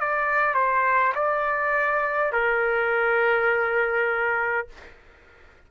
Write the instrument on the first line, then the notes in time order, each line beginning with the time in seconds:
trumpet
0.00 D5
0.54 C5
1.14 D5
2.32 A#4